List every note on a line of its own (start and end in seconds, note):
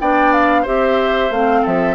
0.00 0.66 B3
0.00 0.65 D4
0.00 0.62 D5
0.00 0.32 G5
0.32 0.65 F5
0.62 1.30 C4
0.62 1.31 G4
0.62 1.61 C5
0.62 1.32 E5
1.30 1.63 A3
1.30 1.94 C4
1.30 1.65 F5
1.62 1.94 F3
1.62 1.94 A4
1.62 1.94 E5